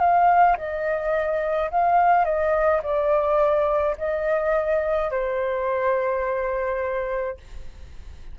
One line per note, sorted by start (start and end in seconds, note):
0.00 0.57 F5
0.58 1.71 D#5
1.71 2.25 F5
2.25 2.81 D#5
2.83 3.96 D5
3.98 5.11 D#5
5.11 7.37 C5